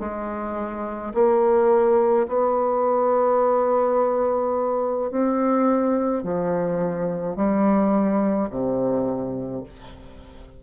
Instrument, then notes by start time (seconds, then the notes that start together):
bassoon
0.00 G#3
1.14 A#3
2.28 B3
5.11 C4
6.24 F3
7.36 G3
8.50 C3